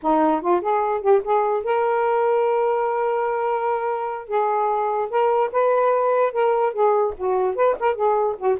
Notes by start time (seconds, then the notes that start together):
0.02 D#4
0.41 F4
0.61 G#4
1.01 G4
1.24 G#4
1.64 A#4
4.28 G#4
5.10 A#4
5.52 B4
6.32 A#4
6.73 G#4
7.17 F#4
7.55 B4
7.79 A#4
7.95 G#4
8.38 F#4